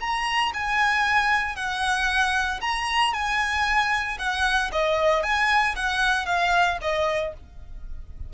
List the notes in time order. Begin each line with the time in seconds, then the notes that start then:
0.00 A#5
0.53 G#5
1.56 F#5
2.61 A#5
3.13 G#5
4.18 F#5
4.72 D#5
5.22 G#5
5.75 F#5
6.26 F5
6.81 D#5